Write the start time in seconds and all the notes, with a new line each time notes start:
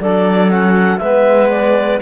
0.00 F#3 D4 A4 D5
0.51 C#4 F#5
0.98 G#3 B3 B4 E5
1.50 D5